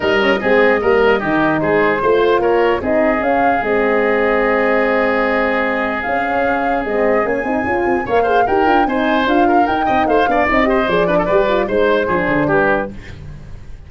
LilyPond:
<<
  \new Staff \with { instrumentName = "flute" } { \time 4/4 \tempo 4 = 149 dis''1 | c''2 cis''4 dis''4 | f''4 dis''2.~ | dis''2. f''4~ |
f''4 dis''4 gis''2 | f''4 g''4 gis''4 f''4 | g''4 f''4 dis''4 d''4~ | d''4 c''2 b'4 | }
  \new Staff \with { instrumentName = "oboe" } { \time 4/4 ais'4 gis'4 ais'4 g'4 | gis'4 c''4 ais'4 gis'4~ | gis'1~ | gis'1~ |
gis'1 | cis''8 c''8 ais'4 c''4. ais'8~ | ais'8 dis''8 c''8 d''4 c''4 b'16 a'16 | b'4 c''4 gis'4 g'4 | }
  \new Staff \with { instrumentName = "horn" } { \time 4/4 dis'8 cis'8 c'4 ais4 dis'4~ | dis'4 f'2 dis'4 | cis'4 c'2.~ | c'2. cis'4~ |
cis'4 c'4 cis'8 dis'8 f'4 | ais'8 gis'8 g'8 f'8 dis'4 f'4 | dis'4. d'8 dis'8 g'8 gis'8 d'8 | g'8 f'8 dis'4 d'2 | }
  \new Staff \with { instrumentName = "tuba" } { \time 4/4 g4 gis4 g4 dis4 | gis4 a4 ais4 c'4 | cis'4 gis2.~ | gis2. cis'4~ |
cis'4 gis4 ais8 c'8 cis'8 c'8 | ais4 dis'8 d'8 c'4 d'4 | dis'8 c'8 a8 b8 c'4 f4 | g4 gis4 f8 d8 g4 | }
>>